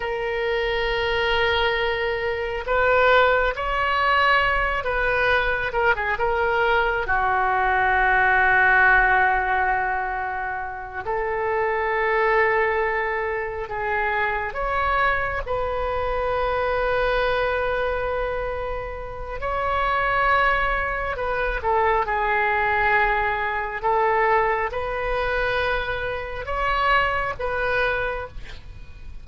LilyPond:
\new Staff \with { instrumentName = "oboe" } { \time 4/4 \tempo 4 = 68 ais'2. b'4 | cis''4. b'4 ais'16 gis'16 ais'4 | fis'1~ | fis'8 a'2. gis'8~ |
gis'8 cis''4 b'2~ b'8~ | b'2 cis''2 | b'8 a'8 gis'2 a'4 | b'2 cis''4 b'4 | }